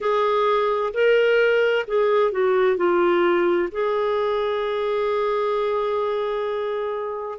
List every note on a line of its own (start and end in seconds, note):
0.00 0.93 G#4
0.93 1.85 A#4
1.87 2.31 G#4
2.31 2.77 F#4
2.77 3.69 F4
3.71 7.38 G#4